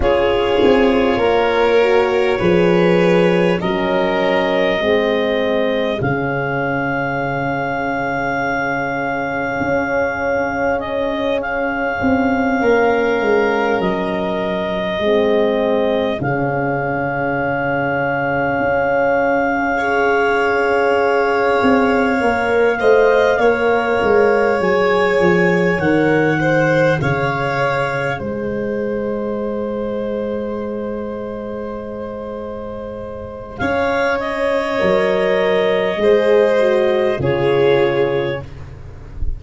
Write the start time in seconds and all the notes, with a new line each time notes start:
0.00 C#4 F4 G#4 C#5
0.62 C4
1.17 A#3 A#4
1.81 F#4
2.38 F3 G#4 B4
3.60 F#3 C#4 A#4 D#5
4.79 G#3 C4 G#4
6.00 C#3 C#4 F5
9.60 C#4
10.79 D#5
11.41 F5
12.00 C4
12.61 A#3 A#4
13.20 G#3
13.79 F#3 D#5
14.99 G#3 C4 G#4
16.18 C#3 C#4 F5
18.59 C#4
19.77 G#4 C#5
21.62 C4
22.20 A#3 A#4
22.79 A3 C5 D#5
23.38 A#3 A#4 C#5
24.02 G#3
24.59 F#3 G#4 G#5
25.19 F3
25.77 D#3 A#4 F#5
26.39 G#4 C5
27.00 C#3 C#5 F5
28.18 G#3 C5 D#5
33.58 C#4 C#5 F5
34.19 D#5
34.78 F#3 A#4
35.96 G#3 G#4
36.02 C5
36.59 F#4
37.18 C#3 F4 G#4 C#5